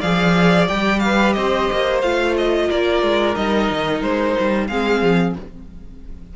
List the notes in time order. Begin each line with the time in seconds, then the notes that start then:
0.00 F3 G#4 D5 F5
0.67 G3 G4 G5
1.00 B4 F5
1.32 C4 C5 D#5
1.72 A#3
2.01 A3 F4 F5
2.37 D#5
2.68 A#3 A#4 D5
3.02 G#3
3.35 G3 D#4 D#5
3.70 D#3
4.02 G#3 C5
4.40 G3
4.67 G#3 C4 G#4 F5
5.02 F3